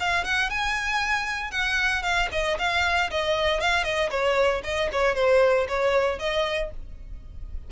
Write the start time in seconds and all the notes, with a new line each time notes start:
0.00 F5
0.24 F#5
0.50 G#5
1.51 F#5
2.03 F5
2.32 D#5
2.59 F5
3.11 D#5
3.61 F5
3.84 D#5
4.11 C#5
4.64 D#5
4.93 C#5
5.16 C5
5.68 C#5
6.19 D#5